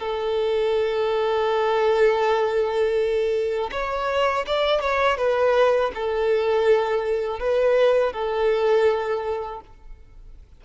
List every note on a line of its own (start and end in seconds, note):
0.00 3.70 A4
3.72 4.46 C#5
4.47 4.81 D5
4.81 5.18 C#5
5.18 5.92 B4
5.95 7.40 A4
7.40 8.13 B4
8.13 9.61 A4